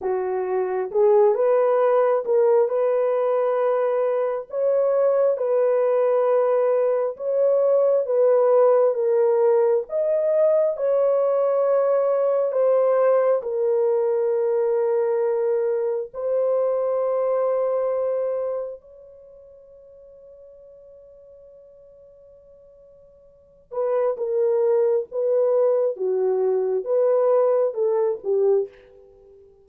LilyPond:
\new Staff \with { instrumentName = "horn" } { \time 4/4 \tempo 4 = 67 fis'4 gis'8 b'4 ais'8 b'4~ | b'4 cis''4 b'2 | cis''4 b'4 ais'4 dis''4 | cis''2 c''4 ais'4~ |
ais'2 c''2~ | c''4 cis''2.~ | cis''2~ cis''8 b'8 ais'4 | b'4 fis'4 b'4 a'8 g'8 | }